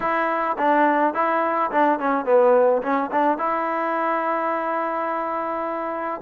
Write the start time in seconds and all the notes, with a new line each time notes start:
0.00 E4
0.57 D4
1.14 E4
1.71 D4
1.99 C#4
2.25 B3
2.82 C#4
3.11 D4
3.38 E4